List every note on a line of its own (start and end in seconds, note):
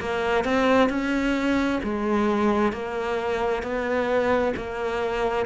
0.00 0.45 A#3
0.45 0.89 C4
0.89 1.80 C#4
1.83 2.72 G#3
2.72 3.63 A#3
3.63 4.54 B3
4.56 5.46 A#3